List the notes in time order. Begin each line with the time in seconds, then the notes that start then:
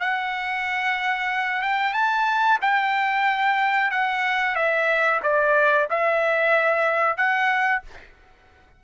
0.00 F#5
1.62 G5
1.94 A5
2.61 G5
3.91 F#5
4.55 E5
5.23 D5
5.90 E5
7.17 F#5